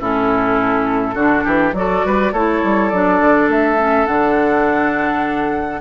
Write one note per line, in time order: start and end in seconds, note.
0.00 1.15 A2
0.00 1.16 C#4
0.00 1.15 E4
0.00 1.75 A4
1.15 1.44 D3
1.15 1.74 D4
1.15 1.44 F#4
1.44 1.73 E3
1.44 1.73 G4
1.73 2.02 F#3
1.73 2.34 F#4
1.73 2.06 A4
1.73 2.33 D5
2.05 2.33 G3
2.05 2.33 B4
2.33 2.62 A3
2.33 2.93 E4
2.33 5.81 A4
2.33 2.89 C#5
2.63 2.92 G3
2.89 3.21 F#3
2.89 3.78 D4
2.89 3.48 D5
3.21 3.48 D3
3.48 4.06 A3
3.48 4.06 E5
3.78 4.07 C#4
4.06 5.81 D3
4.06 5.81 D4
4.06 5.81 F#5